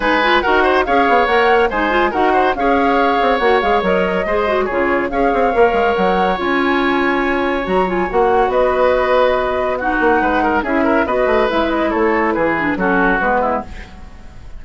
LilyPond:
<<
  \new Staff \with { instrumentName = "flute" } { \time 4/4 \tempo 4 = 141 gis''4 fis''4 f''4 fis''4 | gis''4 fis''4 f''2 | fis''8 f''8 dis''2 cis''4 | f''2 fis''4 gis''4~ |
gis''2 ais''8 gis''8 fis''4 | dis''2. fis''4~ | fis''4 e''4 dis''4 e''8 dis''8 | cis''4 b'4 a'4 b'4 | }
  \new Staff \with { instrumentName = "oboe" } { \time 4/4 b'4 ais'8 c''8 cis''2 | c''4 ais'8 c''8 cis''2~ | cis''2 c''4 gis'4 | cis''1~ |
cis''1 | b'2. fis'4 | b'8 ais'8 gis'8 ais'8 b'2 | a'4 gis'4 fis'4. e'8 | }
  \new Staff \with { instrumentName = "clarinet" } { \time 4/4 dis'8 f'8 fis'4 gis'4 ais'4 | dis'8 f'8 fis'4 gis'2 | fis'8 gis'8 ais'4 gis'8 fis'8 f'4 | gis'4 ais'2 f'4~ |
f'2 fis'8 f'8 fis'4~ | fis'2. dis'4~ | dis'4 e'4 fis'4 e'4~ | e'4. d'8 cis'4 b4 | }
  \new Staff \with { instrumentName = "bassoon" } { \time 4/4 gis4 dis'4 cis'8 b8 ais4 | gis4 dis'4 cis'4. c'8 | ais8 gis8 fis4 gis4 cis4 | cis'8 c'8 ais8 gis8 fis4 cis'4~ |
cis'2 fis4 ais4 | b2.~ b8 ais8 | gis4 cis'4 b8 a8 gis4 | a4 e4 fis4 gis4 | }
>>